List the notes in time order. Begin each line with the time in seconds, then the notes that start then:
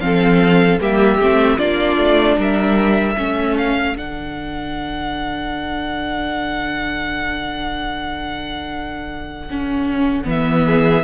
0.00 F3 C4 A4 F5
0.80 G3 A#3 G4 E5
1.19 A3 C4
1.58 A#3 D4 F4 D5
1.98 A3
2.37 G3 A#4 E5
3.14 A3 C#4 A4
3.57 F5
3.95 D3 D4 F#5
9.50 C#4
10.25 E3 B3 E5
10.67 G#4